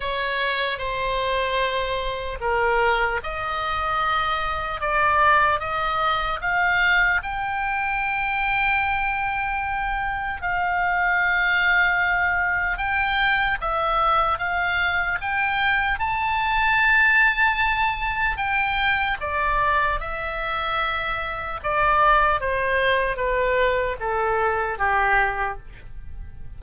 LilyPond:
\new Staff \with { instrumentName = "oboe" } { \time 4/4 \tempo 4 = 75 cis''4 c''2 ais'4 | dis''2 d''4 dis''4 | f''4 g''2.~ | g''4 f''2. |
g''4 e''4 f''4 g''4 | a''2. g''4 | d''4 e''2 d''4 | c''4 b'4 a'4 g'4 | }